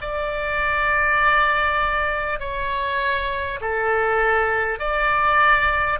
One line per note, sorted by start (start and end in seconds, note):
0.00 2.39 D5
2.39 3.59 C#5
3.60 4.79 A4
4.79 5.99 D5